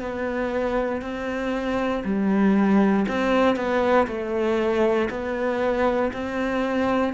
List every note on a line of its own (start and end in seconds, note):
0.00 1.01 B3
1.01 2.03 C4
2.04 3.06 G3
3.08 3.56 C4
3.56 4.07 B3
4.07 5.09 A3
5.10 6.12 B3
6.13 7.13 C4